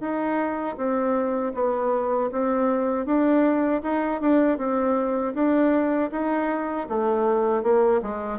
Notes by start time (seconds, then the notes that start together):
0.00 D#4
0.77 C4
1.54 B3
2.32 C4
3.06 D4
3.83 D#4
4.21 D4
4.57 C4
5.34 D4
6.11 D#4
6.89 A3
7.63 A#3
8.02 G#3